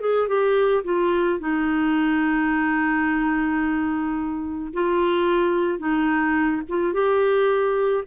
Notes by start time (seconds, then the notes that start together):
0.00 G#4
0.28 G4
0.84 F4
1.39 D#4
4.73 F4
5.78 D#4
6.68 F4
6.93 G4